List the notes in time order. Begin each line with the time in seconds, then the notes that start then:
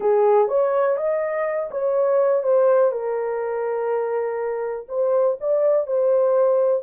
0.00 G#4
0.48 C#5
0.96 D#5
1.71 C#5
2.43 C5
2.91 A#4
4.88 C5
5.40 D5
5.87 C5